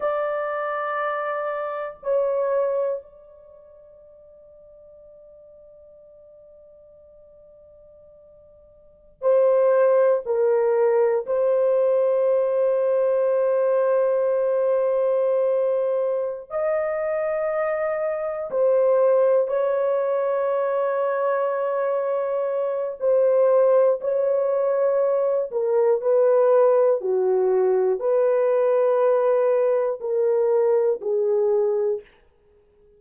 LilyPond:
\new Staff \with { instrumentName = "horn" } { \time 4/4 \tempo 4 = 60 d''2 cis''4 d''4~ | d''1~ | d''4~ d''16 c''4 ais'4 c''8.~ | c''1~ |
c''8 dis''2 c''4 cis''8~ | cis''2. c''4 | cis''4. ais'8 b'4 fis'4 | b'2 ais'4 gis'4 | }